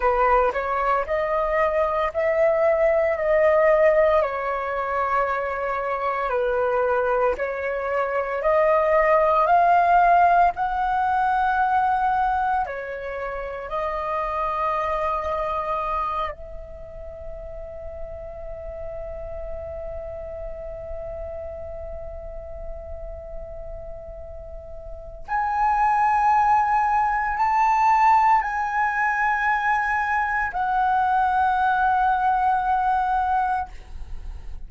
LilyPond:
\new Staff \with { instrumentName = "flute" } { \time 4/4 \tempo 4 = 57 b'8 cis''8 dis''4 e''4 dis''4 | cis''2 b'4 cis''4 | dis''4 f''4 fis''2 | cis''4 dis''2~ dis''8 e''8~ |
e''1~ | e''1 | gis''2 a''4 gis''4~ | gis''4 fis''2. | }